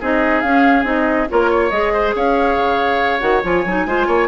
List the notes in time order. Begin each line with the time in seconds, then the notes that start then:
0.00 C4 D#4 G#4 D#5
0.41 C#4 F5
0.84 C4 D#4 D#5
1.29 A#3 F4 A#4 C#5
1.50 C#5
1.70 G#3 G#4 D#5
1.93 C5
2.15 C#4 C#5 F5
2.57 C#3
3.20 D#3 F#4 F#5
3.43 F3 F4 G#5
3.65 F#3 D#4
3.86 G#3 F4 C5
4.07 A#3 C#5